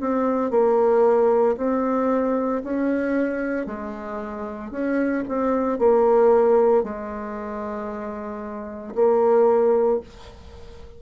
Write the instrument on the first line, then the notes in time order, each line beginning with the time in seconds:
bassoon
0.00 C4
0.51 A#3
1.57 C4
2.64 C#4
3.67 G#3
4.71 C#4
5.29 C4
5.79 A#3
6.84 G#3
8.95 A#3